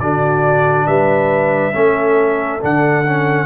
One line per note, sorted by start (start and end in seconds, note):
0.00 0.87 D3
0.00 1.73 D4
0.00 0.87 F#4
0.00 0.87 D5
0.87 1.74 G3
0.87 1.74 B4
0.87 2.61 E5
1.73 2.62 A3
1.73 2.60 C#4
1.73 3.46 A4
2.61 3.46 D3
2.61 3.05 D4
2.61 3.46 F#5
3.05 3.46 C#4